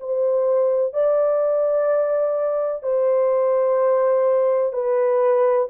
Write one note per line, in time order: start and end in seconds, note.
0.00 0.94 C5
0.94 2.83 D5
2.83 4.73 C5
4.73 5.68 B4